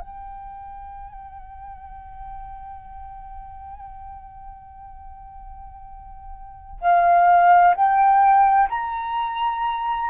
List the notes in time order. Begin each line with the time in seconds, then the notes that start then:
0.00 G5
6.81 F5
7.75 G5
8.69 A#5